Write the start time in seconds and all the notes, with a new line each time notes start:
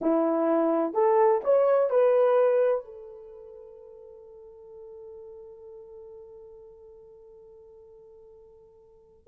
0.01 E4
0.93 A4
1.44 C#5
1.89 B4
2.84 A4